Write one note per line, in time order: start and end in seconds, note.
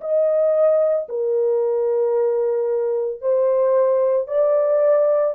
0.00 1.07 D#5
1.09 3.21 A#4
3.21 4.27 C5
4.27 5.34 D5